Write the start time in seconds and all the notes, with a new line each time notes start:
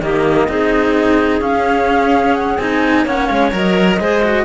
0.00 D#3 A#3 G4 D#5
0.48 C4 D#4 G#4
1.41 C#4 F5
2.35 F#5
2.58 C4 D#4 G#5
3.05 A#3 C#4 C#5 F#5
3.26 G#3 F5
3.52 F#3 A#4 D#5
3.99 G#3 G#4 C5
4.23 F#4